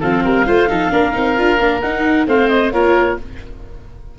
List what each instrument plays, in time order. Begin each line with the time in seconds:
0.00 tuba F3, viola C4, oboe A4, clarinet F5
0.24 tuba G3, oboe A#4
0.46 tuba A3, viola F4, oboe C5
0.67 tuba F3, viola D#4, oboe A4
0.90 tuba A#3, viola D4, oboe A#4
1.12 tuba C4, viola D#4
1.36 tuba D4, viola F4
1.59 tuba A#3, viola D4
1.80 viola D#4, tuba D#4, clarinet F#5
2.26 tuba A3, viola C4, oboe C5, clarinet F5
2.48 clarinet D#5
2.71 tuba A#3, viola F4, oboe A#4, clarinet C#5